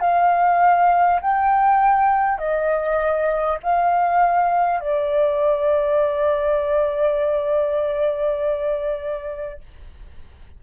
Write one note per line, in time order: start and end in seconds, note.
0.00 1.20 F5
1.21 2.38 G5
2.38 3.58 D#5
3.63 4.80 F5
4.80 9.60 D5